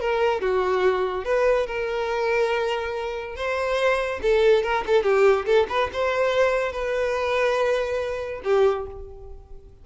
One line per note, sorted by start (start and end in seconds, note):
0.00 0.41 A#4
0.41 1.24 F#4
1.24 1.67 B4
1.67 3.35 A#4
3.35 4.20 C5
4.22 4.63 A4
4.63 4.84 A#4
4.86 5.03 A4
5.03 5.45 G4
5.46 5.67 A4
5.69 5.90 B4
5.93 6.72 C5
6.72 8.41 B4
8.44 8.86 G4